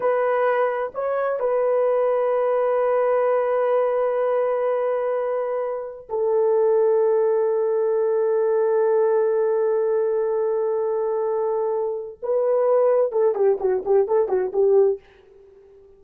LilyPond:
\new Staff \with { instrumentName = "horn" } { \time 4/4 \tempo 4 = 128 b'2 cis''4 b'4~ | b'1~ | b'1~ | b'4 a'2.~ |
a'1~ | a'1~ | a'2 b'2 | a'8 g'8 fis'8 g'8 a'8 fis'8 g'4 | }